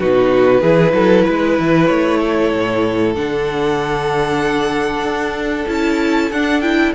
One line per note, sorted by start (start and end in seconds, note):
0.00 0.62 B2
0.00 0.62 D#4
0.00 0.61 F#4
0.00 1.87 B4
0.61 0.93 E3
0.61 3.15 E4
0.61 0.93 G#4
0.93 1.25 F#3
0.93 1.26 A4
1.26 1.59 G#3
1.26 2.20 B4
1.59 1.90 E3
1.87 2.53 A3
1.87 3.13 C#5
2.21 6.94 A4
2.54 3.17 A2
3.15 5.03 D3
3.15 5.67 D4
3.15 5.69 F#5
5.03 5.66 D4
5.68 6.31 C#4
5.68 6.31 E4
5.68 6.32 A5
6.31 6.94 D4
6.31 6.63 D4
6.31 6.61 F#5
6.61 6.94 E4
6.61 6.92 G5